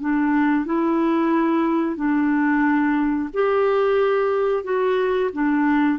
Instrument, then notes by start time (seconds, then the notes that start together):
clarinet
0.00 D4
0.65 E4
1.96 D4
3.33 G4
4.63 F#4
5.33 D4